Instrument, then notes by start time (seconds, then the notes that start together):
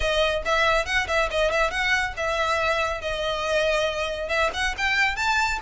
violin
0.00 D#5
0.45 E5
0.85 F#5
1.07 E5
1.30 D#5
1.51 E5
1.70 F#5
2.16 E5
3.01 D#5
4.28 E5
4.53 F#5
4.77 G5
5.16 A5